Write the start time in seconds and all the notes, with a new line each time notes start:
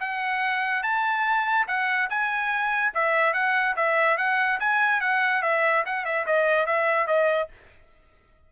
0.00 F#5
0.83 A5
1.68 F#5
2.10 G#5
2.94 E5
3.34 F#5
3.76 E5
4.18 F#5
4.60 G#5
5.01 F#5
5.43 E5
5.86 F#5
6.05 E5
6.26 D#5
6.66 E5
7.07 D#5